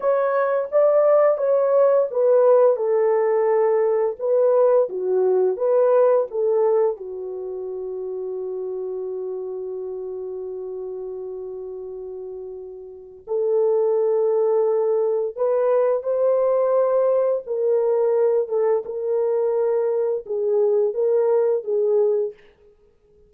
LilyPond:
\new Staff \with { instrumentName = "horn" } { \time 4/4 \tempo 4 = 86 cis''4 d''4 cis''4 b'4 | a'2 b'4 fis'4 | b'4 a'4 fis'2~ | fis'1~ |
fis'2. a'4~ | a'2 b'4 c''4~ | c''4 ais'4. a'8 ais'4~ | ais'4 gis'4 ais'4 gis'4 | }